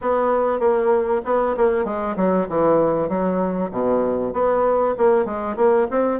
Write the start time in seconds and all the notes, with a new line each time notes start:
0.01 B3
0.59 A#3
1.25 B3
1.57 A#3
1.84 G#3
2.16 F#3
2.48 E3
3.08 F#3
3.71 B2
4.33 B3
4.97 A#3
5.25 G#3
5.56 A#3
5.90 C4